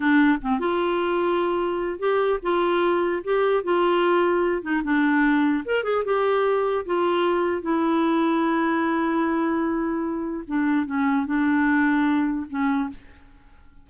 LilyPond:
\new Staff \with { instrumentName = "clarinet" } { \time 4/4 \tempo 4 = 149 d'4 c'8 f'2~ f'8~ | f'4 g'4 f'2 | g'4 f'2~ f'8 dis'8 | d'2 ais'8 gis'8 g'4~ |
g'4 f'2 e'4~ | e'1~ | e'2 d'4 cis'4 | d'2. cis'4 | }